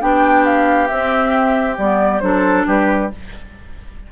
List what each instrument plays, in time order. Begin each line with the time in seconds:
0.00 bassoon B3, clarinet D4, oboe G4, flute G5
0.45 flute F5
0.87 clarinet C4, bassoon C4, flute E5
1.77 bassoon G3, clarinet B3, flute D5
2.20 bassoon F#3, clarinet D4, oboe A4, flute C5
2.67 bassoon G3, oboe G4, flute B4